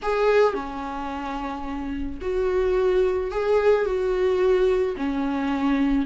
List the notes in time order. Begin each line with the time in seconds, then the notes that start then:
0.02 G#4
0.54 C#4
2.21 F#4
3.31 G#4
3.85 F#4
4.97 C#4